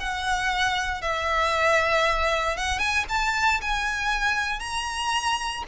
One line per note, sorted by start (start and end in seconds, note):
0.00 1.02 F#5
1.02 2.57 E5
2.57 2.79 F#5
2.79 3.05 G#5
3.09 3.61 A5
3.61 4.60 G#5
4.60 5.63 A#5